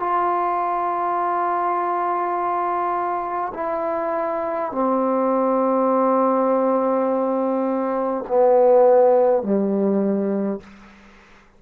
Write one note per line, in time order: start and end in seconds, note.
0.00 3.53 F4
3.55 4.72 E4
4.72 8.25 C4
8.28 9.43 B3
9.43 10.60 G3